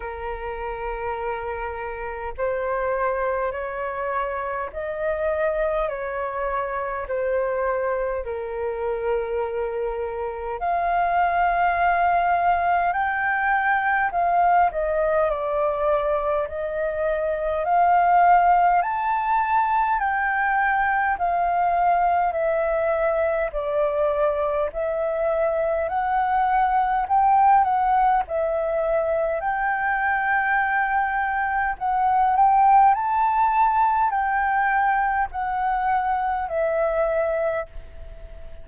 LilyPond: \new Staff \with { instrumentName = "flute" } { \time 4/4 \tempo 4 = 51 ais'2 c''4 cis''4 | dis''4 cis''4 c''4 ais'4~ | ais'4 f''2 g''4 | f''8 dis''8 d''4 dis''4 f''4 |
a''4 g''4 f''4 e''4 | d''4 e''4 fis''4 g''8 fis''8 | e''4 g''2 fis''8 g''8 | a''4 g''4 fis''4 e''4 | }